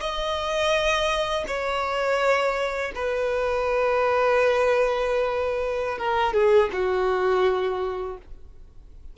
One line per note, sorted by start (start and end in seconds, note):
0.00 1.45 D#5
1.47 2.92 C#5
2.95 5.98 B4
5.98 6.34 A#4
6.34 6.70 G#4
6.73 8.17 F#4